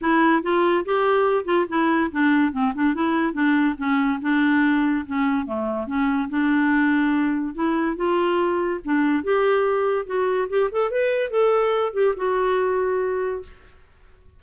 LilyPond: \new Staff \with { instrumentName = "clarinet" } { \time 4/4 \tempo 4 = 143 e'4 f'4 g'4. f'8 | e'4 d'4 c'8 d'8 e'4 | d'4 cis'4 d'2 | cis'4 a4 cis'4 d'4~ |
d'2 e'4 f'4~ | f'4 d'4 g'2 | fis'4 g'8 a'8 b'4 a'4~ | a'8 g'8 fis'2. | }